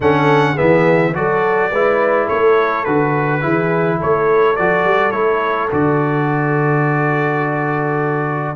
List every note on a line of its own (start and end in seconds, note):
0.00 0.56 D3
0.00 0.56 C#4
0.00 0.53 A4
0.00 0.57 F#5
0.53 1.13 B3
0.53 1.11 G#4
0.53 1.14 E5
0.60 1.15 E3
1.14 1.71 F#3
1.14 1.71 F#4
1.14 1.70 A4
1.14 2.27 D5
1.70 2.28 G#3
1.70 2.86 E4
1.70 2.25 B4
2.25 3.39 A4
2.25 2.84 C#5
2.31 2.86 A3
2.84 3.43 D3
2.84 3.41 F#4
2.84 3.98 B4
3.41 4.01 E3
3.41 4.55 E4
3.41 3.98 G#4
3.98 4.58 A3
3.98 8.55 A4
3.98 4.56 C#5
4.56 4.84 F3
4.56 5.12 F#4
4.56 5.11 D5
4.84 5.12 G3
5.11 5.69 A3
5.11 5.69 E4
5.11 5.68 C#5
5.70 8.55 D3
5.70 8.55 F#4
5.70 8.55 D5